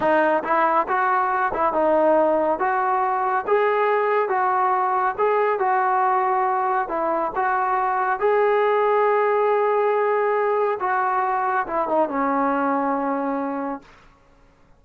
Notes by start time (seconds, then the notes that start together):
0.00 D#4
0.43 E4
0.88 F#4
1.53 E4
1.73 D#4
2.59 F#4
3.47 G#4
4.29 F#4
5.18 G#4
5.59 F#4
6.88 E4
7.35 F#4
8.19 G#4
10.80 F#4
11.66 E4
11.88 D#4
12.09 C#4